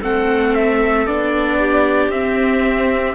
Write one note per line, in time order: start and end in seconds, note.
0.00 1.07 A3
0.00 1.07 C4
0.00 1.58 A4
0.00 0.54 F#5
0.54 1.07 E5
1.07 2.09 B3
1.07 2.12 D4
1.07 2.11 D5
1.59 3.15 G4
2.09 3.14 C4
2.09 3.15 C4
2.09 3.15 E5